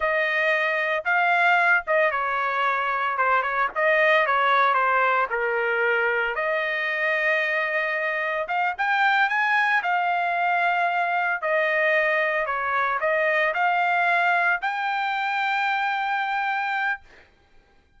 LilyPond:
\new Staff \with { instrumentName = "trumpet" } { \time 4/4 \tempo 4 = 113 dis''2 f''4. dis''8 | cis''2 c''8 cis''8 dis''4 | cis''4 c''4 ais'2 | dis''1 |
f''8 g''4 gis''4 f''4.~ | f''4. dis''2 cis''8~ | cis''8 dis''4 f''2 g''8~ | g''1 | }